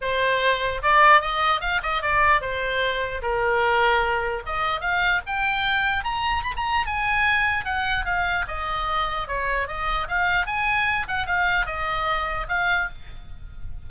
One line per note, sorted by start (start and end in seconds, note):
0.01 0.81 C5
0.82 1.21 D5
1.21 1.61 D#5
1.61 1.81 F5
1.82 2.02 D#5
2.02 2.41 D5
2.41 3.21 C5
3.22 4.42 A#4
4.46 4.80 D#5
4.80 5.21 F5
5.26 6.03 G5
6.03 6.43 A#5
6.43 6.53 B5
6.56 6.86 A#5
6.86 7.65 G#5
7.65 8.05 F#5
8.05 8.45 F5
8.47 9.27 D#5
9.27 9.67 C#5
9.67 10.07 D#5
10.08 10.46 F5
10.46 11.06 G#5
11.08 11.26 F#5
11.26 11.66 F5
11.66 12.46 D#5
12.48 12.88 F5